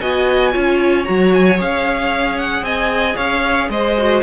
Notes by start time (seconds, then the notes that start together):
0.00 B3 F#4 D#5 G#5
0.51 C#4 F4 C#5
1.04 F#3 F#4 A#5
1.33 G#5
1.58 C#4 G#4 F5
2.38 F#5
2.62 C4 D#5 G#5
3.16 C#4 C#5 F5
3.69 G#3 C5 D#5
3.98 F#4